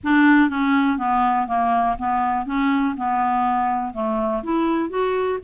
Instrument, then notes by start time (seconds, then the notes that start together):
clarinet
0.03 D4
0.49 C#4
0.97 B3
1.47 A#3
1.98 B3
2.46 C#4
2.96 B3
3.93 A3
4.43 E4
4.89 F#4